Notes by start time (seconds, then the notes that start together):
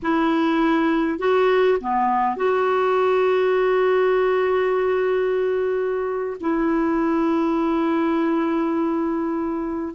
0.02 E4
1.19 F#4
1.80 B3
2.36 F#4
6.40 E4